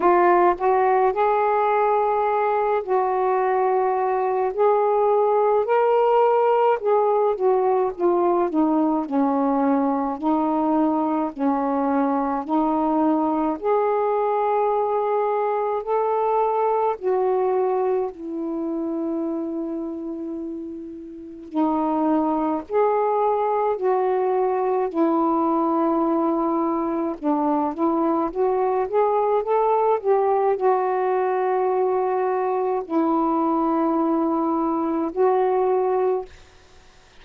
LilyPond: \new Staff \with { instrumentName = "saxophone" } { \time 4/4 \tempo 4 = 53 f'8 fis'8 gis'4. fis'4. | gis'4 ais'4 gis'8 fis'8 f'8 dis'8 | cis'4 dis'4 cis'4 dis'4 | gis'2 a'4 fis'4 |
e'2. dis'4 | gis'4 fis'4 e'2 | d'8 e'8 fis'8 gis'8 a'8 g'8 fis'4~ | fis'4 e'2 fis'4 | }